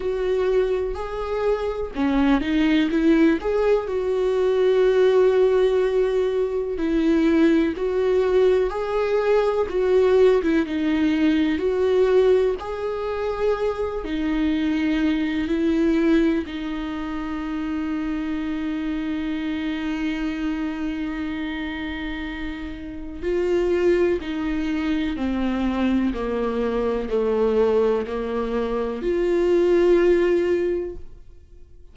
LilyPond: \new Staff \with { instrumentName = "viola" } { \time 4/4 \tempo 4 = 62 fis'4 gis'4 cis'8 dis'8 e'8 gis'8 | fis'2. e'4 | fis'4 gis'4 fis'8. e'16 dis'4 | fis'4 gis'4. dis'4. |
e'4 dis'2.~ | dis'1 | f'4 dis'4 c'4 ais4 | a4 ais4 f'2 | }